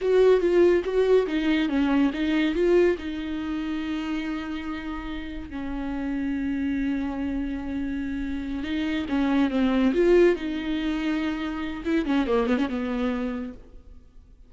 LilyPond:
\new Staff \with { instrumentName = "viola" } { \time 4/4 \tempo 4 = 142 fis'4 f'4 fis'4 dis'4 | cis'4 dis'4 f'4 dis'4~ | dis'1~ | dis'4 cis'2.~ |
cis'1~ | cis'8 dis'4 cis'4 c'4 f'8~ | f'8 dis'2.~ dis'8 | e'8 cis'8 ais8 b16 cis'16 b2 | }